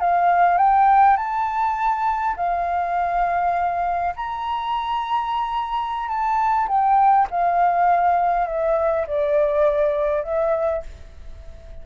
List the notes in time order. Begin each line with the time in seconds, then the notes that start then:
0.00 F5
0.58 G5
1.17 A5
2.36 F5
4.16 A#5
6.08 A5
6.68 G5
7.30 F5
8.47 E5
9.07 D5
10.23 E5